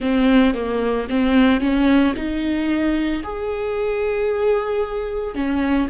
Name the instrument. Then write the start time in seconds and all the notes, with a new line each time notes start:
viola
0.00 C4
0.54 A#3
1.09 C4
1.60 C#4
2.15 D#4
3.23 G#4
5.34 C#4